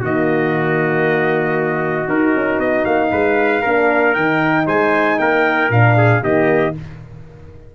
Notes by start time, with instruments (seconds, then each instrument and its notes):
0.00 tuba D#3, horn A#3, trumpet F#4 D#5
2.08 tuba D#4, horn D#4, trumpet A#4
2.35 tuba C#4
2.59 tuba B3, trumpet D#5
2.85 tuba A#3, trumpet F5
3.11 tuba G#3, trumpet B4
3.61 tuba A#3, horn D4, trumpet A#4
4.14 tuba D#3, horn D#4, trumpet G5
4.66 tuba G#3, trumpet C5 G#5
5.19 tuba A#3, trumpet A#4 G5
5.69 tuba A#2, horn D4, trumpet F5
5.97 trumpet G#4
6.23 tuba D#3, horn A#3, trumpet G4 D#5